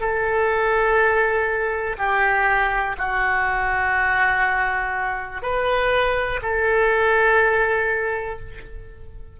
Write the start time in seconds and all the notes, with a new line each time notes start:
0.00 A4
1.98 G4
2.98 F#4
5.42 B4
6.42 A4